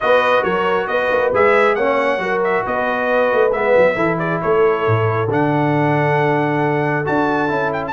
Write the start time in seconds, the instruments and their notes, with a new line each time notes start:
0.00 tuba B3, trombone F#4, horn B4, trumpet D#5
0.43 tuba F#3, horn A#4, trumpet C#5
0.87 tuba B3, horn B4, trumpet D#5
1.10 tuba A#3
1.33 tuba G#3, trombone G#4, trumpet E5
1.75 tuba A#3, trombone C#4, horn C#5, trumpet F#5
2.18 tuba F#3, trombone F#4, horn A#4
2.43 trumpet E5
2.64 tuba B3, horn B4, trumpet D#5
3.32 tuba A3
3.51 tuba G#3, trombone B3, trumpet E5
3.77 tuba F#3
3.95 tuba E3, trombone E4, horn A4
4.18 horn G#4, trumpet D5
4.41 tuba A3, horn A4, trumpet C#5
4.86 tuba A2
5.27 tuba D3, trombone D4, trumpet F#5
7.04 tuba D4, trombone F#4, trumpet A5
7.48 tuba C#4, trombone E4
7.73 trumpet G5
7.87 trumpet A5